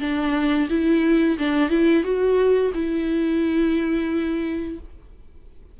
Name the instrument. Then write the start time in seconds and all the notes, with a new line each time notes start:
viola
0.00 D4
0.69 E4
1.38 D4
1.70 E4
2.03 F#4
2.74 E4